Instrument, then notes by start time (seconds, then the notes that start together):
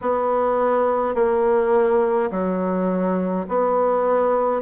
bassoon
0.01 B3
1.14 A#3
2.30 F#3
3.48 B3